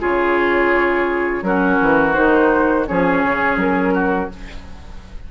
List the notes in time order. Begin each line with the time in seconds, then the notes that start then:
0.00 C#3 F4 G#4 C#5
1.42 F#3 C#4 F#4 A#4
1.81 E3
2.15 D#3 D#4 C5
2.87 F3 C#4 G#4 C#5
3.24 C#3
3.57 F#3 A#4
3.94 F#4